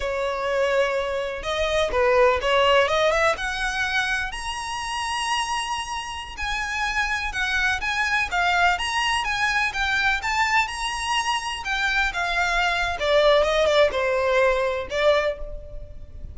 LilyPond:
\new Staff \with { instrumentName = "violin" } { \time 4/4 \tempo 4 = 125 cis''2. dis''4 | b'4 cis''4 dis''8 e''8 fis''4~ | fis''4 ais''2.~ | ais''4~ ais''16 gis''2 fis''8.~ |
fis''16 gis''4 f''4 ais''4 gis''8.~ | gis''16 g''4 a''4 ais''4.~ ais''16~ | ais''16 g''4 f''4.~ f''16 d''4 | dis''8 d''8 c''2 d''4 | }